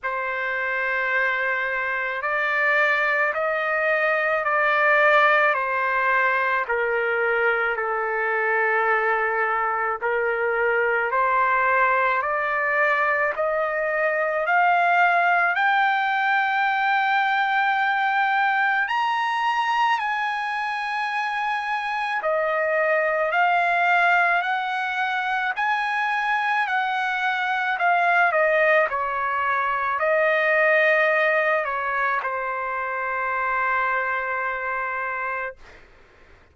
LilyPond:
\new Staff \with { instrumentName = "trumpet" } { \time 4/4 \tempo 4 = 54 c''2 d''4 dis''4 | d''4 c''4 ais'4 a'4~ | a'4 ais'4 c''4 d''4 | dis''4 f''4 g''2~ |
g''4 ais''4 gis''2 | dis''4 f''4 fis''4 gis''4 | fis''4 f''8 dis''8 cis''4 dis''4~ | dis''8 cis''8 c''2. | }